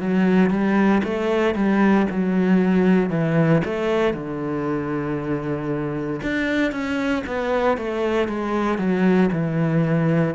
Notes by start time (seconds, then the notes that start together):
0.00 F#3
0.50 G3
1.04 A3
1.55 G3
2.10 F#3
3.10 E3
3.65 A3
4.14 D3
6.23 D4
6.72 C#4
7.26 B3
7.78 A3
8.28 G#3
8.78 F#3
9.32 E3